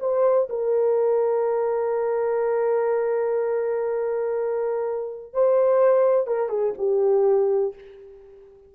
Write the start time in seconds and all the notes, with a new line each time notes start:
0.00 C5
0.49 A#4
5.34 C5
6.27 A#4
6.49 G#4
6.78 G4